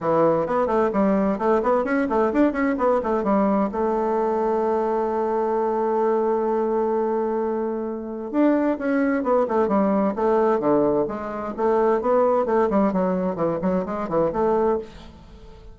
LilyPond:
\new Staff \with { instrumentName = "bassoon" } { \time 4/4 \tempo 4 = 130 e4 b8 a8 g4 a8 b8 | cis'8 a8 d'8 cis'8 b8 a8 g4 | a1~ | a1~ |
a2 d'4 cis'4 | b8 a8 g4 a4 d4 | gis4 a4 b4 a8 g8 | fis4 e8 fis8 gis8 e8 a4 | }